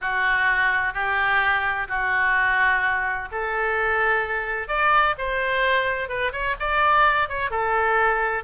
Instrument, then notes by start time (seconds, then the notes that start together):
oboe
0.01 F#4
0.93 G4
1.87 F#4
3.31 A4
4.67 D5
5.18 C5
6.08 B4
6.32 C#5
6.59 D5
7.28 C#5
7.50 A4